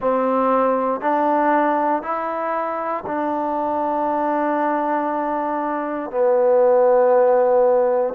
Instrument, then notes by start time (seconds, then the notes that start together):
trombone
0.00 C4
1.00 D4
2.02 E4
3.06 D4
6.10 B3